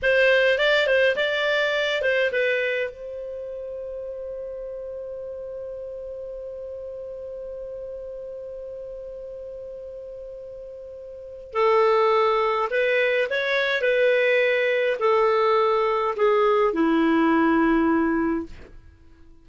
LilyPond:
\new Staff \with { instrumentName = "clarinet" } { \time 4/4 \tempo 4 = 104 c''4 d''8 c''8 d''4. c''8 | b'4 c''2.~ | c''1~ | c''1~ |
c''1 | a'2 b'4 cis''4 | b'2 a'2 | gis'4 e'2. | }